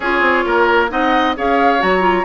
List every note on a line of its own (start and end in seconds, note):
0.00 0.20 C#4
0.00 0.89 F4
0.00 0.45 G#4
0.00 0.88 C#5
0.20 0.43 C4
0.45 0.91 A#3
0.45 0.90 A#4
0.89 1.36 C4
0.89 1.34 D#4
0.89 1.36 D#5
0.89 1.35 F#5
1.36 1.82 C#4
1.36 1.79 G#4
1.36 2.25 C#5
1.36 1.81 F5
1.79 2.25 F#3
1.79 2.00 F#4
1.79 2.25 A#5
2.00 2.23 F4